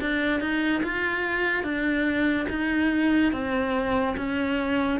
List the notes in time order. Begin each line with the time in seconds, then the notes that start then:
0.00 D4
0.41 D#4
0.83 F4
1.63 D4
2.49 D#4
3.32 C4
4.17 C#4